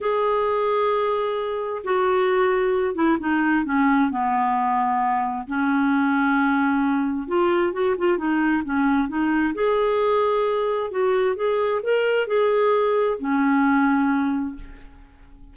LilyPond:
\new Staff \with { instrumentName = "clarinet" } { \time 4/4 \tempo 4 = 132 gis'1 | fis'2~ fis'8 e'8 dis'4 | cis'4 b2. | cis'1 |
f'4 fis'8 f'8 dis'4 cis'4 | dis'4 gis'2. | fis'4 gis'4 ais'4 gis'4~ | gis'4 cis'2. | }